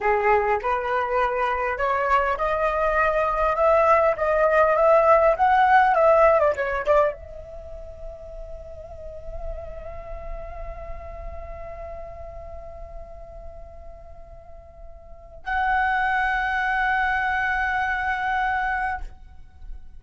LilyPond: \new Staff \with { instrumentName = "flute" } { \time 4/4 \tempo 4 = 101 gis'4 b'2 cis''4 | dis''2 e''4 dis''4 | e''4 fis''4 e''8. d''16 cis''8 d''8 | e''1~ |
e''1~ | e''1~ | e''2 fis''2~ | fis''1 | }